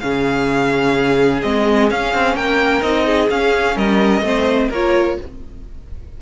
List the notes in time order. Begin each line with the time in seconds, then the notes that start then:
0.00 C#3 C#4 G#4 F5
1.43 G#3 C4 D#5
1.89 C#4 F5
2.14 C4
2.35 A#3 A#4 G5
2.82 C4 D#4 D#5
3.06 G#4
3.30 C#4 F5
3.76 G3 A#4 D#5
4.21 A3 C4 C5
4.69 A#3 F4 A#4 C#5